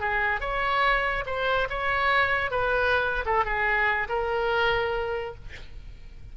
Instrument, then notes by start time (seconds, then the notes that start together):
oboe
0.00 G#4
0.41 C#5
1.26 C5
1.70 C#5
2.51 B4
3.26 A4
3.45 G#4
4.09 A#4